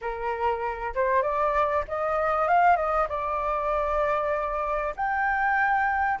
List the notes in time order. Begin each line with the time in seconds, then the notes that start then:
0.01 A#4
0.94 C5
1.22 D5
1.88 D#5
2.47 F5
2.76 D#5
3.08 D5
4.95 G5